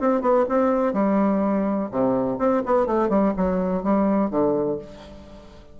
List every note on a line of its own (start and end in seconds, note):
0.00 0.21 C4
0.21 0.45 B3
0.49 0.93 C4
0.93 1.89 G3
1.91 2.38 C3
2.38 2.62 C4
2.66 2.86 B3
2.86 3.09 A3
3.09 3.33 G3
3.37 3.83 F#3
3.83 4.30 G3
4.30 4.78 D3